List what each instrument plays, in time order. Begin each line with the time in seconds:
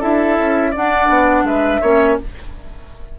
0.00 bassoon D4, clarinet E4, oboe A4, flute E5
0.38 bassoon C#4
0.71 clarinet D4, bassoon D4, oboe D5, flute F#5
1.09 bassoon B3
1.43 bassoon G#3, oboe B4, flute E5
1.81 bassoon A#3, clarinet C#4, oboe C#5